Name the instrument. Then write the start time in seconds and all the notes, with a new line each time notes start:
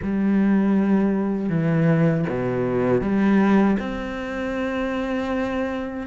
cello
0.02 G3
1.49 E3
2.29 B2
3.01 G3
3.79 C4